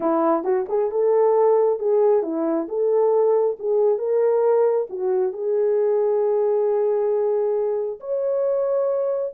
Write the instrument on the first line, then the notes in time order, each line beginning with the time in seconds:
horn
0.00 E4
0.43 F#4
0.68 G#4
0.91 A4
1.79 G#4
2.23 E4
2.68 A4
3.59 G#4
3.98 A#4
4.89 F#4
5.33 G#4
7.99 C#5